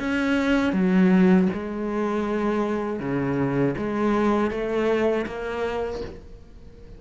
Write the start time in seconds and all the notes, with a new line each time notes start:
0.00 C#4
0.73 F#3
1.53 G#3
3.00 C#3
3.78 G#3
4.51 A3
5.27 A#3